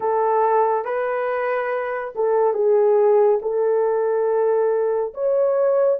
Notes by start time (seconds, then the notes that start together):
0.00 A4
0.85 B4
2.15 A4
2.53 G#4
3.42 A4
5.14 C#5